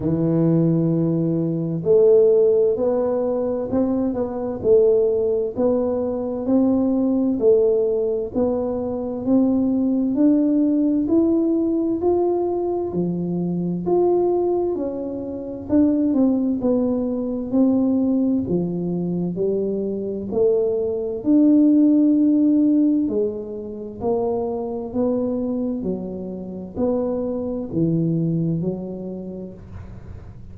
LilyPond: \new Staff \with { instrumentName = "tuba" } { \time 4/4 \tempo 4 = 65 e2 a4 b4 | c'8 b8 a4 b4 c'4 | a4 b4 c'4 d'4 | e'4 f'4 f4 f'4 |
cis'4 d'8 c'8 b4 c'4 | f4 g4 a4 d'4~ | d'4 gis4 ais4 b4 | fis4 b4 e4 fis4 | }